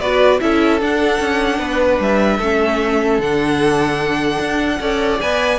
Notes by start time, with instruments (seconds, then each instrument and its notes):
0.00 cello B3, viola F#4, violin B4 D5
0.40 cello C#4, viola E4, violin A4 E5
0.80 viola D4, cello D4, violin F#5
1.20 cello C#4
1.59 cello B3, violin B4
1.99 cello G3, violin E5
2.38 cello A3, viola C#4, violin A4
3.19 cello D3, viola D4, violin F#5
4.40 cello D4
4.80 cello C#4, viola A4, violin D5
5.21 cello B3, viola B4, violin G#5